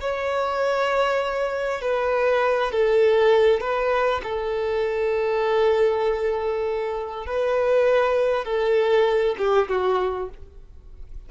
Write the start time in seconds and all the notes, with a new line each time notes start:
0.00 C#5
1.81 B4
2.71 A4
3.60 B4
4.23 A4
7.26 B4
8.45 A4
9.37 G4
9.68 F#4